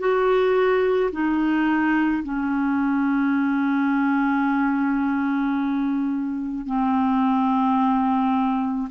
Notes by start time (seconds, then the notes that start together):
0.00 F#4
1.12 D#4
2.24 C#4
6.67 C4